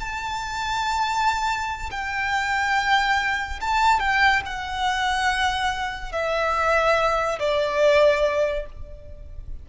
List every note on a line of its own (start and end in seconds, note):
0.00 1.90 A5
1.91 3.60 G5
3.61 3.99 A5
3.99 4.42 G5
4.46 6.12 F#5
6.12 7.39 E5
7.39 8.66 D5